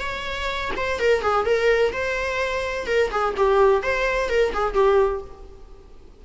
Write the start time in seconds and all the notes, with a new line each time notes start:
0.00 C#5
0.77 C5
1.00 A#4
1.22 G#4
1.46 A#4
1.93 C5
2.87 A#4
3.11 G#4
3.37 G4
3.83 C5
4.29 A#4
4.53 G#4
4.74 G4